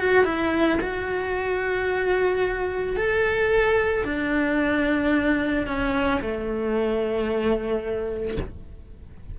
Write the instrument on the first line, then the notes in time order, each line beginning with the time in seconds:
cello
0.00 F#4
0.25 E4
0.81 F#4
2.97 A4
4.05 D4
5.67 C#4
6.21 A3